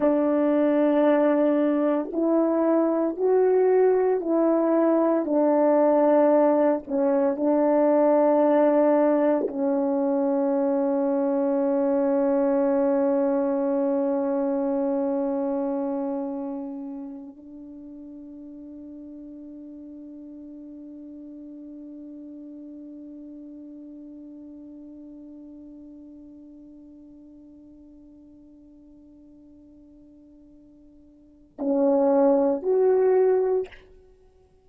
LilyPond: \new Staff \with { instrumentName = "horn" } { \time 4/4 \tempo 4 = 57 d'2 e'4 fis'4 | e'4 d'4. cis'8 d'4~ | d'4 cis'2.~ | cis'1~ |
cis'8 d'2.~ d'8~ | d'1~ | d'1~ | d'2 cis'4 fis'4 | }